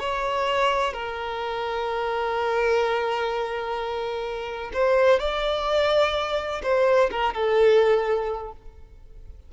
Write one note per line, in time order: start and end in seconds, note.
0.00 0.93 C#5
0.93 4.71 A#4
4.74 5.20 C5
5.20 6.62 D5
6.63 7.10 C5
7.11 7.34 A#4
7.34 8.53 A4